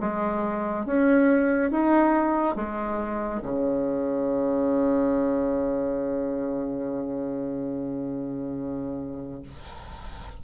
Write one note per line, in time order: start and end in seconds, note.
0.00 0.86 G#3
0.86 1.71 C#4
1.71 2.56 D#4
2.56 3.41 G#3
3.42 9.42 C#3